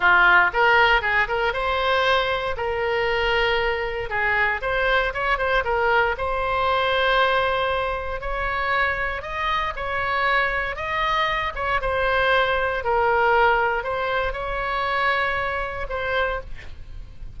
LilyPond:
\new Staff \with { instrumentName = "oboe" } { \time 4/4 \tempo 4 = 117 f'4 ais'4 gis'8 ais'8 c''4~ | c''4 ais'2. | gis'4 c''4 cis''8 c''8 ais'4 | c''1 |
cis''2 dis''4 cis''4~ | cis''4 dis''4. cis''8 c''4~ | c''4 ais'2 c''4 | cis''2. c''4 | }